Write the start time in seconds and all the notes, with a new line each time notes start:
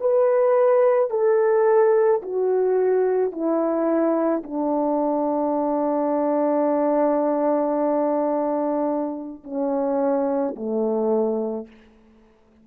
0.00 B4
1.10 A4
2.22 F#4
3.31 E4
4.43 D4
9.43 C#4
10.56 A3